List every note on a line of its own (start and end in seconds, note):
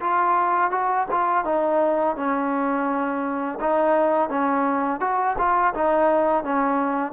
0.00 0.71 F4
0.71 1.07 F#4
1.11 1.44 F4
1.44 2.16 D#4
2.16 3.59 C#4
3.60 4.29 D#4
4.29 5.00 C#4
5.00 5.36 F#4
5.38 5.74 F4
5.74 6.44 D#4
6.44 7.12 C#4